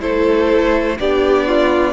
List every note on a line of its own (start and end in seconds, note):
0.00 1.00 A3
0.00 0.97 E4
0.00 0.99 A4
0.00 0.98 C5
0.99 1.94 B3
0.99 1.94 D4
0.99 1.48 G4
0.99 1.94 D5
1.48 1.94 F4